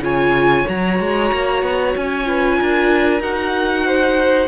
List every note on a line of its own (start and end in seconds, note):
0.00 0.64 C#3
0.00 0.66 F4
0.00 2.27 C#5
0.00 0.68 G#5
0.67 1.00 F#3
0.67 2.24 F#4
0.67 1.96 A#5
1.00 1.32 G#3
1.32 1.62 A#3
1.62 1.94 B3
1.96 2.60 C#4
1.96 3.22 G#5
2.24 3.20 F4
2.24 2.59 B4
2.59 3.20 D4
2.59 3.86 A#4
3.20 4.48 D#4
3.20 4.48 F#4
3.20 4.48 F#5
3.86 4.48 C5